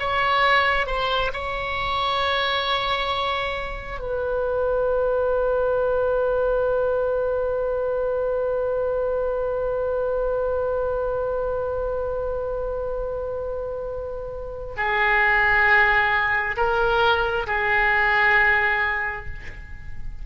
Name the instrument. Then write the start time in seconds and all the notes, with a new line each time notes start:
oboe
0.00 C#5
0.87 C5
1.34 C#5
4.00 B4
14.77 G#4
16.58 A#4
17.47 G#4